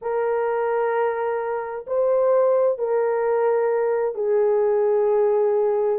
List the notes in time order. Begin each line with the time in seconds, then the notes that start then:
0.01 A#4
1.86 C5
2.78 A#4
4.14 G#4